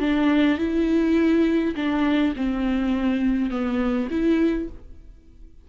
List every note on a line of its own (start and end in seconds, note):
0.00 0.58 D4
0.59 1.75 E4
1.76 2.34 D4
2.36 3.51 C4
3.51 4.09 B3
4.11 4.69 E4